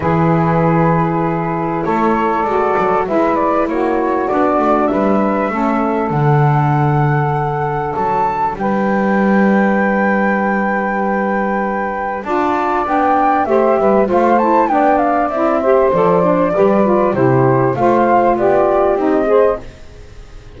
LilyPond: <<
  \new Staff \with { instrumentName = "flute" } { \time 4/4 \tempo 4 = 98 b'2. cis''4 | d''4 e''8 d''8 cis''4 d''4 | e''2 fis''2~ | fis''4 a''4 g''2~ |
g''1 | a''4 g''4 e''4 f''8 a''8 | g''8 f''8 e''4 d''2 | c''4 f''4 d''4 dis''4 | }
  \new Staff \with { instrumentName = "saxophone" } { \time 4/4 gis'2. a'4~ | a'4 b'4 fis'2 | b'4 a'2.~ | a'2 b'2~ |
b'1 | d''2 c''8 b'8 c''4 | d''4. c''4. b'4 | g'4 c''4 g'4. c''8 | }
  \new Staff \with { instrumentName = "saxophone" } { \time 4/4 e'1 | fis'4 e'2 d'4~ | d'4 cis'4 d'2~ | d'1~ |
d'1 | f'4 d'4 g'4 f'8 e'8 | d'4 e'8 g'8 a'8 d'8 g'8 f'8 | e'4 f'2 dis'8 gis'8 | }
  \new Staff \with { instrumentName = "double bass" } { \time 4/4 e2. a4 | gis8 fis8 gis4 ais4 b8 a8 | g4 a4 d2~ | d4 fis4 g2~ |
g1 | d'4 b4 a8 g8 a4 | b4 c'4 f4 g4 | c4 a4 b4 c'4 | }
>>